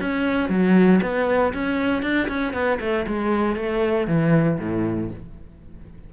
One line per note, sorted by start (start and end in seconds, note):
0.00 0.49 C#4
0.49 1.00 F#3
1.02 1.53 B3
1.53 2.02 C#4
2.02 2.28 D4
2.28 2.53 C#4
2.53 2.79 B3
2.80 3.06 A3
3.07 3.56 G#3
3.56 4.07 A3
4.07 4.58 E3
4.59 5.10 A2